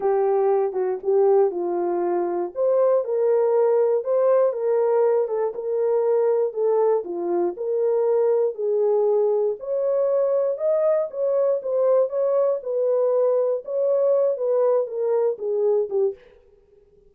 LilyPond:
\new Staff \with { instrumentName = "horn" } { \time 4/4 \tempo 4 = 119 g'4. fis'8 g'4 f'4~ | f'4 c''4 ais'2 | c''4 ais'4. a'8 ais'4~ | ais'4 a'4 f'4 ais'4~ |
ais'4 gis'2 cis''4~ | cis''4 dis''4 cis''4 c''4 | cis''4 b'2 cis''4~ | cis''8 b'4 ais'4 gis'4 g'8 | }